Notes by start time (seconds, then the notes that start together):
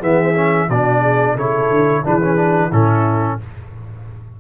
0.00 E3 B3 G#4 E5
0.35 C#4
0.68 B2 D4 F#4 D5
1.01 G#4
1.35 C#3 E4 A4 C#5
1.69 D3
2.04 E3 D4 G#4 B4
2.21 C#4
2.36 D4
2.69 A2 C#4 E4 A4